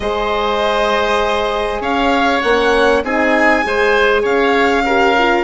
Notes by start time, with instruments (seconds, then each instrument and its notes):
0.00 bassoon G#3, horn G#4, oboe C5, violin D#5
1.80 bassoon C#4, oboe C#5, violin F5
2.42 bassoon A#3, horn C#4, violin F#5
3.03 bassoon C4, horn D#4, oboe G#4, violin G#5
3.62 bassoon G#3, horn G#4, oboe C5
4.22 bassoon C#4, oboe C#5, violin F5
4.84 horn G4, oboe A#4
5.18 horn F4